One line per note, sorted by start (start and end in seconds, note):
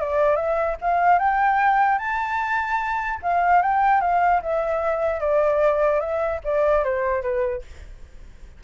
0.00 0.36 D5
0.36 0.76 E5
0.81 1.19 F5
1.19 1.98 G5
1.98 3.19 A5
3.23 3.62 F5
3.62 4.01 G5
4.01 4.41 F5
4.42 5.20 E5
5.20 6.00 D5
6.00 6.40 E5
6.44 6.84 D5
6.84 7.22 C5
7.22 7.62 B4